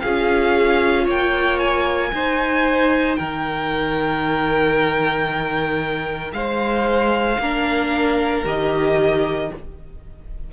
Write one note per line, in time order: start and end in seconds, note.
0.00 1.07 C#4
0.00 2.12 F4
0.00 1.04 G#4
0.00 1.05 F5
1.04 2.12 A#3
1.04 2.09 C#5
1.04 1.59 G5
1.59 3.16 G#5
2.12 7.39 D#4
2.12 3.18 D#4
2.12 3.18 C5
3.16 6.32 D#3
3.16 6.34 A#4
3.16 6.31 G5
6.32 7.38 G#3
6.32 7.41 C5
6.32 8.43 F5
7.39 8.44 A#3
7.39 8.45 D4
7.39 9.51 A#4
8.45 9.50 D#3
8.45 9.50 G4
8.45 9.52 D#5